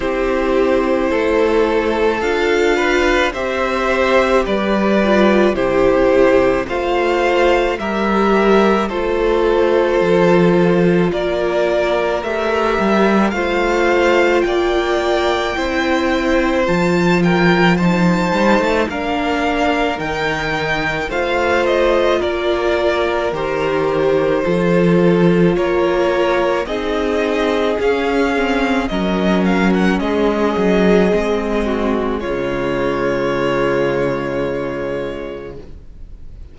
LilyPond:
<<
  \new Staff \with { instrumentName = "violin" } { \time 4/4 \tempo 4 = 54 c''2 f''4 e''4 | d''4 c''4 f''4 e''4 | c''2 d''4 e''4 | f''4 g''2 a''8 g''8 |
a''4 f''4 g''4 f''8 dis''8 | d''4 c''2 cis''4 | dis''4 f''4 dis''8 f''16 fis''16 dis''4~ | dis''4 cis''2. | }
  \new Staff \with { instrumentName = "violin" } { \time 4/4 g'4 a'4. b'8 c''4 | b'4 g'4 c''4 ais'4 | a'2 ais'2 | c''4 d''4 c''4. ais'8 |
c''4 ais'2 c''4 | ais'2 a'4 ais'4 | gis'2 ais'4 gis'4~ | gis'8 fis'8 f'2. | }
  \new Staff \with { instrumentName = "viola" } { \time 4/4 e'2 f'4 g'4~ | g'8 f'8 e'4 f'4 g'4 | f'2. g'4 | f'2 e'4 f'4 |
dis'4 d'4 dis'4 f'4~ | f'4 g'4 f'2 | dis'4 cis'8 c'8 cis'2 | c'4 gis2. | }
  \new Staff \with { instrumentName = "cello" } { \time 4/4 c'4 a4 d'4 c'4 | g4 c4 a4 g4 | a4 f4 ais4 a8 g8 | a4 ais4 c'4 f4~ |
f8 g16 a16 ais4 dis4 a4 | ais4 dis4 f4 ais4 | c'4 cis'4 fis4 gis8 fis8 | gis4 cis2. | }
>>